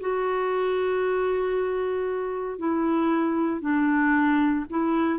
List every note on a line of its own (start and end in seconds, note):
0.00 2.58 F#4
2.58 3.61 E4
3.61 4.65 D4
4.70 5.19 E4